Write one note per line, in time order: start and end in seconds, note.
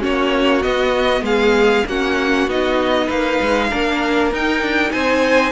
0.00 0.65 A#3
0.00 0.61 C#4
0.00 1.23 F#4
0.00 0.62 C#5
0.62 1.85 B3
0.62 1.22 B3
0.62 1.23 D#5
1.22 1.83 G#3
1.22 1.87 G#4
1.22 1.86 F5
1.87 2.47 A#3
1.87 2.49 C#4
1.87 3.06 F#4
1.87 2.49 F#5
2.47 3.08 B3
2.47 3.71 D#4
2.47 3.10 D#5
3.06 3.40 A#3
3.06 3.68 B4
3.06 4.33 F5
3.41 3.72 G#3
3.70 4.32 A#3
3.70 4.32 D4
3.70 4.92 A#4
4.32 4.62 D#4
4.32 5.52 D#4
4.32 4.92 G5
4.62 4.92 D4
4.92 5.52 C4
4.92 5.52 C5
4.92 5.52 G#5